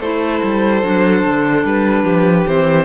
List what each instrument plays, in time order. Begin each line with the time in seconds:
0.00 cello A3, clarinet E4, violin A4 C5
0.43 cello G3
0.83 cello F#3, clarinet D4
1.24 cello D3
1.64 cello G3, violin B4
2.04 cello F3, violin G4
2.47 cello E3, clarinet C4, violin C5